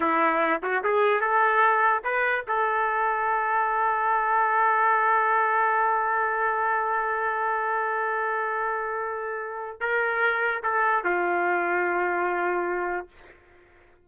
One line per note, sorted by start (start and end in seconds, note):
0.00 0.60 E4
0.62 0.83 F#4
0.83 1.21 G#4
1.21 2.02 A4
2.04 2.44 B4
2.47 9.80 A4
9.80 10.62 A#4
10.63 11.03 A4
11.03 13.07 F4